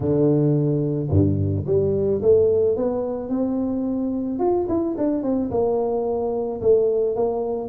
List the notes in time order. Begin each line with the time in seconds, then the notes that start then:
0.00 D3
1.09 G2
1.66 G3
2.21 A3
2.76 B3
3.29 C4
4.39 F4
4.68 E4
4.97 D4
5.23 C4
5.50 A#3
6.61 A3
7.15 A#3